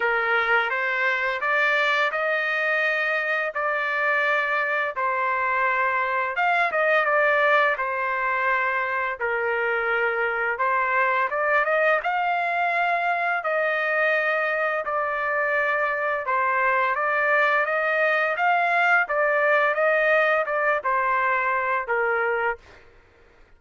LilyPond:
\new Staff \with { instrumentName = "trumpet" } { \time 4/4 \tempo 4 = 85 ais'4 c''4 d''4 dis''4~ | dis''4 d''2 c''4~ | c''4 f''8 dis''8 d''4 c''4~ | c''4 ais'2 c''4 |
d''8 dis''8 f''2 dis''4~ | dis''4 d''2 c''4 | d''4 dis''4 f''4 d''4 | dis''4 d''8 c''4. ais'4 | }